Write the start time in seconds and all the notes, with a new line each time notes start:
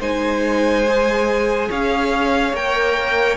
0.00 G#3 D#4 C5 G#5
0.86 G#4
1.69 C#4 C#5 F5
2.53 A#3 A#4 G5